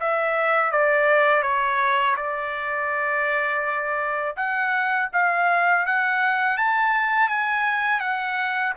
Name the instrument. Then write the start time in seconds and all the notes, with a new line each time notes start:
trumpet
0.00 E5
0.72 D5
1.42 C#5
2.17 D5
4.36 F#5
5.13 F5
5.86 F#5
6.57 A5
7.28 G#5
8.00 F#5